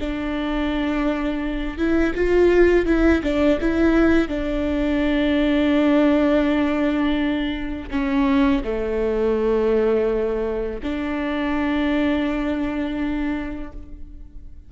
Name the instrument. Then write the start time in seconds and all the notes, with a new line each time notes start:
viola
0.00 D4
1.78 E4
2.15 F4
2.86 E4
3.23 D4
3.60 E4
4.28 D4
7.91 C#4
8.64 A3
10.83 D4